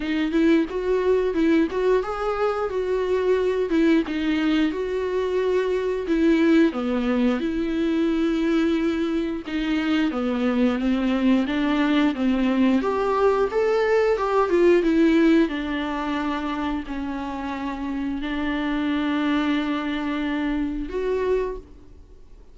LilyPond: \new Staff \with { instrumentName = "viola" } { \time 4/4 \tempo 4 = 89 dis'8 e'8 fis'4 e'8 fis'8 gis'4 | fis'4. e'8 dis'4 fis'4~ | fis'4 e'4 b4 e'4~ | e'2 dis'4 b4 |
c'4 d'4 c'4 g'4 | a'4 g'8 f'8 e'4 d'4~ | d'4 cis'2 d'4~ | d'2. fis'4 | }